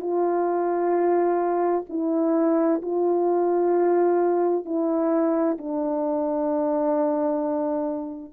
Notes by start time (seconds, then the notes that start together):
0.00 F4
1.89 E4
2.82 F4
4.65 E4
5.58 D4